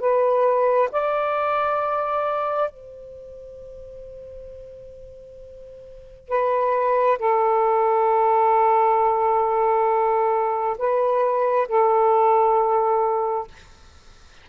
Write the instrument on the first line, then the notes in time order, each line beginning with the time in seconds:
saxophone
0.00 B4
0.92 D5
2.71 C5
6.29 B4
7.19 A4
10.79 B4
11.69 A4